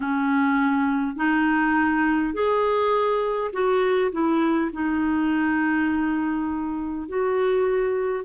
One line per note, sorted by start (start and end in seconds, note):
0.00 1.16 C#4
1.16 2.33 D#4
2.33 3.51 G#4
3.52 4.11 F#4
4.12 4.71 E4
4.73 7.08 D#4
7.08 8.25 F#4